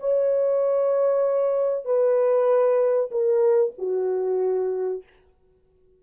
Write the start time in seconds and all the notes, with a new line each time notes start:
0.00 C#5
1.86 B4
3.11 A#4
3.78 F#4